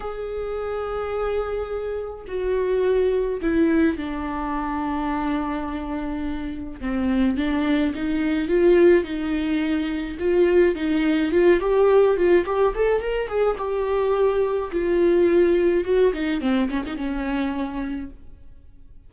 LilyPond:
\new Staff \with { instrumentName = "viola" } { \time 4/4 \tempo 4 = 106 gis'1 | fis'2 e'4 d'4~ | d'1 | c'4 d'4 dis'4 f'4 |
dis'2 f'4 dis'4 | f'8 g'4 f'8 g'8 a'8 ais'8 gis'8 | g'2 f'2 | fis'8 dis'8 c'8 cis'16 dis'16 cis'2 | }